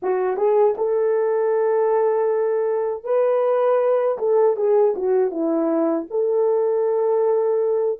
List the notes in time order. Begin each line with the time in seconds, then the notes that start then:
0.02 F#4
0.37 G#4
0.77 A4
3.03 B4
4.18 A4
4.56 G#4
4.96 F#4
5.30 E4
6.10 A4